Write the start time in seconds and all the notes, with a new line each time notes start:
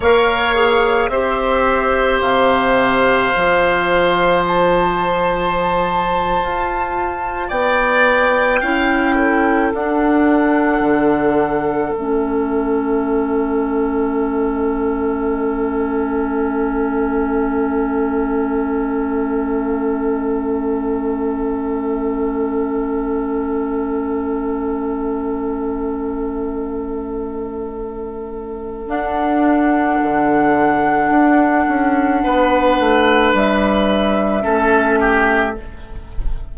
0.00 A#3 A#4 C#5 F5
0.54 G#4
1.09 C4 G4 C5 E5
2.21 C3 F5
3.33 F3 F4
4.47 A5
6.42 F4
7.48 B3 D5 G5
8.60 C#4 E4 F5
9.15 A4
9.73 D4 F#5
10.80 D3
11.93 A3 C#4 E5
28.87 D4 F#5
30.02 D3
31.09 D4
31.68 C#4
32.23 B3 B4
32.79 A3
33.33 G3 E5
34.41 A3 C#4 A4
35.00 G4